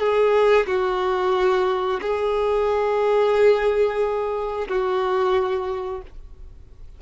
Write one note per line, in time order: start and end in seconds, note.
0.00 0.67 G#4
0.67 2.01 F#4
2.02 4.68 G#4
4.69 6.02 F#4